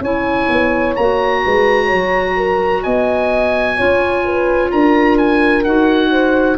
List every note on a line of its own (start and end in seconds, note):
0.00 0.47 C#4
0.00 0.97 E4
0.00 1.42 C#5
0.00 0.96 G#5
0.49 0.96 B3
0.96 1.44 A#3
0.96 3.78 F#4
0.96 2.83 A#5
1.44 1.92 G#3
1.44 1.86 B4
1.86 2.33 C#5
1.92 2.86 F#3
2.36 2.83 A#4
2.83 3.79 B3
2.83 3.77 D#5
2.83 4.71 G#5
3.77 4.72 C#4
3.77 5.65 F4
3.77 4.23 C#5
4.24 4.71 B4
4.71 5.65 D4
4.71 6.11 A#4
4.71 5.18 A#5
5.18 5.64 G#5
5.64 6.58 D#4
5.64 6.58 F#4
5.64 6.58 F#5
6.11 6.58 C5